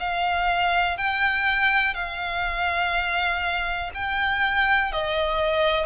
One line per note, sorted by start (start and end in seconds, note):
0.00 0.97 F5
0.97 1.94 G5
1.94 3.91 F5
3.95 4.92 G5
4.92 5.87 D#5